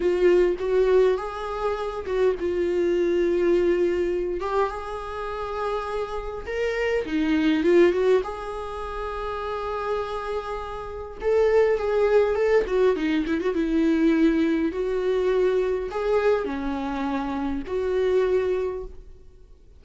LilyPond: \new Staff \with { instrumentName = "viola" } { \time 4/4 \tempo 4 = 102 f'4 fis'4 gis'4. fis'8 | f'2.~ f'8 g'8 | gis'2. ais'4 | dis'4 f'8 fis'8 gis'2~ |
gis'2. a'4 | gis'4 a'8 fis'8 dis'8 e'16 fis'16 e'4~ | e'4 fis'2 gis'4 | cis'2 fis'2 | }